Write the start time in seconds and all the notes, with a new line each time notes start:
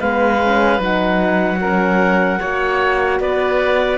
0.00 G#3 B3 B4 F5
0.44 C#4
0.79 F#3 D#4 F#5
1.61 C#4 A#4
2.40 A#3 F#4 C#5
3.20 B3 B4 D5